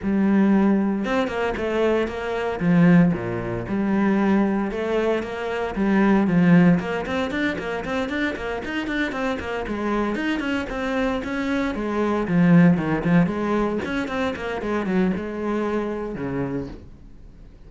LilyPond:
\new Staff \with { instrumentName = "cello" } { \time 4/4 \tempo 4 = 115 g2 c'8 ais8 a4 | ais4 f4 ais,4 g4~ | g4 a4 ais4 g4 | f4 ais8 c'8 d'8 ais8 c'8 d'8 |
ais8 dis'8 d'8 c'8 ais8 gis4 dis'8 | cis'8 c'4 cis'4 gis4 f8~ | f8 dis8 f8 gis4 cis'8 c'8 ais8 | gis8 fis8 gis2 cis4 | }